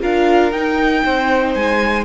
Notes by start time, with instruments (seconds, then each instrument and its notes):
0.00 cello D4, viola F4, violin A#4 F5
0.51 cello D#4, viola D#4, violin G5
1.04 cello C4, violin C5
1.54 cello G#3, violin G#5